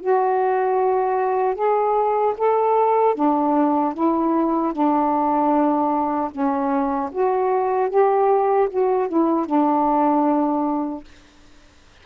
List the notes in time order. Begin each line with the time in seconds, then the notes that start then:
0.00 F#4
1.55 G#4
2.38 A4
3.15 D4
3.94 E4
4.73 D4
6.31 C#4
7.12 F#4
7.90 G4
8.70 F#4
9.09 E4
9.46 D4